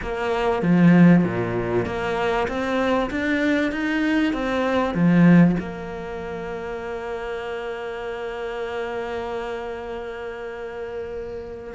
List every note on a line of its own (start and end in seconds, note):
0.02 0.62 A#3
0.62 1.23 F3
1.23 1.85 A#2
1.85 2.47 A#3
2.48 3.10 C4
3.10 3.71 D4
3.71 4.33 D#4
4.33 4.94 C4
4.94 5.56 F3
5.59 11.74 A#3